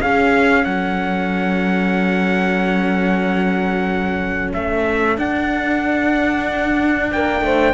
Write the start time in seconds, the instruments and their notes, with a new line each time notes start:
0.00 cello C#4, horn G#4, trumpet F5
0.65 cello F#3, horn A4, trumpet F#5
4.53 cello A3, trumpet E5
5.17 cello D4, trumpet F#5
7.12 cello A#3, horn A#4, trumpet G5
7.41 cello A3, horn C5